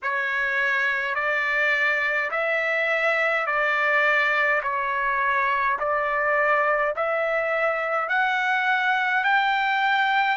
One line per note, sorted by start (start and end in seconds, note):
0.02 1.14 C#5
1.14 2.30 D5
2.31 3.46 E5
3.46 4.62 D5
4.63 5.78 C#5
5.78 6.94 D5
6.95 8.08 E5
8.08 9.24 F#5
9.24 10.37 G5